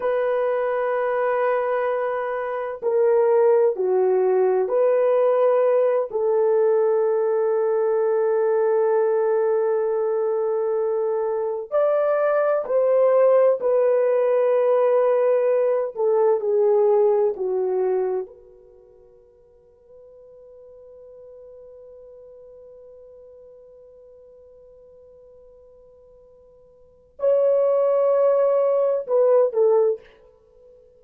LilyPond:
\new Staff \with { instrumentName = "horn" } { \time 4/4 \tempo 4 = 64 b'2. ais'4 | fis'4 b'4. a'4.~ | a'1~ | a'8 d''4 c''4 b'4.~ |
b'4 a'8 gis'4 fis'4 b'8~ | b'1~ | b'1~ | b'4 cis''2 b'8 a'8 | }